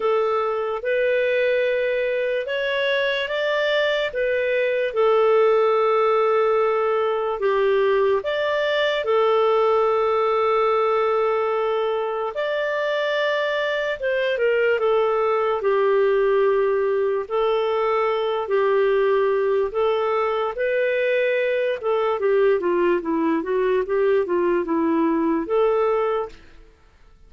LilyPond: \new Staff \with { instrumentName = "clarinet" } { \time 4/4 \tempo 4 = 73 a'4 b'2 cis''4 | d''4 b'4 a'2~ | a'4 g'4 d''4 a'4~ | a'2. d''4~ |
d''4 c''8 ais'8 a'4 g'4~ | g'4 a'4. g'4. | a'4 b'4. a'8 g'8 f'8 | e'8 fis'8 g'8 f'8 e'4 a'4 | }